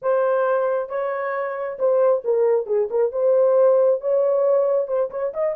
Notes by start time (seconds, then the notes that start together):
0.01 C5
0.89 C#5
1.78 C5
2.24 A#4
2.66 G#4
2.90 A#4
3.12 C5
4.00 C#5
4.87 C5
5.10 C#5
5.33 D#5